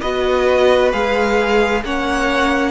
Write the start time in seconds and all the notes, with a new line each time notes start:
0.00 B3 F#4 B4 D#5
0.92 G#3 G#4 F5
1.83 A#3 C#4 C#5 F#5